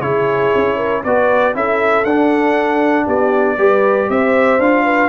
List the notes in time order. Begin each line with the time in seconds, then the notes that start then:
0.00 C#3 E4 G#4 C#5
0.54 C#4
0.76 A#4
1.03 B3 F#4 B4 D5
1.54 C#4 E4 A4 E5
2.04 D4 F#5
3.05 B3 G4 D5
3.57 G3 G4 B4
4.08 C4 C5 E5
4.59 D4 F4 F5
4.84 B4